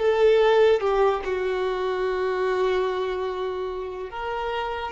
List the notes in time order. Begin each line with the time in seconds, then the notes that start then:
0.00 A4
0.81 G4
1.25 F#4
4.10 A#4